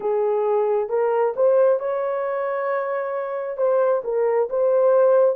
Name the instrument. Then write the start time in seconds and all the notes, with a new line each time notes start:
horn
0.00 G#4
0.89 A#4
1.36 C5
1.79 C#5
3.57 C5
4.04 A#4
4.49 C5